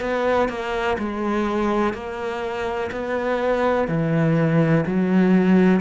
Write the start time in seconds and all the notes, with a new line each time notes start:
0.00 B3
0.49 A#3
0.98 G#3
1.94 A#3
2.91 B3
3.88 E3
4.87 F#3